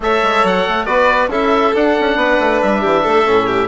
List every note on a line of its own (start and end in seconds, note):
0.00 0.21 A3
0.00 0.86 A4
0.00 0.86 C#5
0.00 0.46 E5
0.22 0.43 G#3
0.43 0.65 F#3
0.43 0.85 F#5
0.68 0.86 A3
0.85 1.28 B3
0.85 1.29 F#4
0.85 1.29 B4
0.85 1.28 D5
1.28 1.72 C#4
1.28 1.73 E4
1.28 2.17 A4
1.28 1.75 E5
1.74 3.24 D4
1.74 1.96 D4
1.74 2.61 F#5
2.00 2.15 C#4
2.15 2.37 B3
2.15 2.80 B4
2.39 2.60 A3
2.61 2.84 G3
2.61 3.68 E5
2.80 3.06 E3
2.80 3.02 G4
3.03 3.27 A3
3.03 3.46 A4
3.24 3.68 A2
3.24 3.68 C#4
3.46 3.68 G4